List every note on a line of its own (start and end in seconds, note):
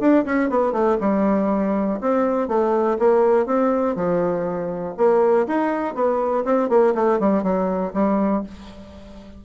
0.00 0.25 D4
0.25 0.50 C#4
0.50 0.72 B3
0.72 0.97 A3
1.01 2.00 G3
2.01 2.48 C4
2.48 2.98 A3
2.99 3.46 A#3
3.46 3.96 C4
3.96 4.95 F3
4.97 5.47 A#3
5.47 5.95 D#4
5.95 6.45 B3
6.45 6.69 C4
6.69 6.94 A#3
6.95 7.20 A3
7.20 7.43 G3
7.43 7.93 F#3
7.94 8.43 G3